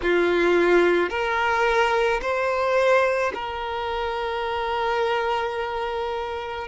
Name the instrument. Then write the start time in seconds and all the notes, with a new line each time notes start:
violin
0.02 F4
1.09 A#4
2.21 C5
3.34 A#4